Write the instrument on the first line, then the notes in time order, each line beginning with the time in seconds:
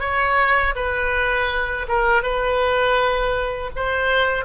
oboe
0.00 C#5
0.76 B4
1.89 A#4
2.23 B4
3.76 C5